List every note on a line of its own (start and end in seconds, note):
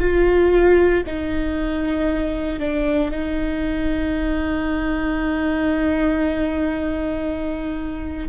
0.00 1.03 F4
1.06 2.60 D#4
2.60 3.11 D4
3.11 8.29 D#4